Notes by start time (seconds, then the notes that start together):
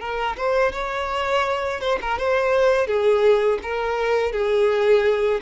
0.00 A#4
0.37 C5
0.72 C#5
1.80 C5
2.01 A#4
2.18 C5
2.87 G#4
3.62 A#4
4.32 G#4